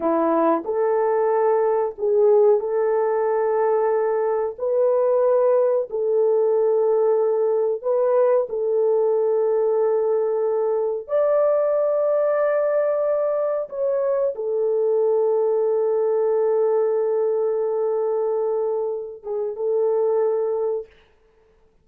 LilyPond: \new Staff \with { instrumentName = "horn" } { \time 4/4 \tempo 4 = 92 e'4 a'2 gis'4 | a'2. b'4~ | b'4 a'2. | b'4 a'2.~ |
a'4 d''2.~ | d''4 cis''4 a'2~ | a'1~ | a'4. gis'8 a'2 | }